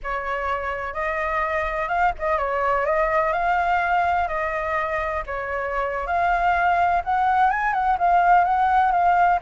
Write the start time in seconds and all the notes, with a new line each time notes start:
0.03 C#5
0.93 D#5
1.88 F5
2.18 D#5
2.37 C#5
2.85 D#5
3.32 F5
4.28 D#5
5.26 C#5
6.06 F5
7.04 F#5
7.50 G#5
7.73 F#5
7.98 F5
8.44 F#5
8.91 F5